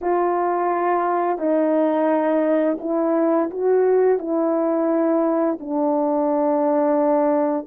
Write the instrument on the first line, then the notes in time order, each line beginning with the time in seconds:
horn
0.01 F4
1.38 D#4
2.80 E4
3.50 F#4
4.18 E4
5.60 D4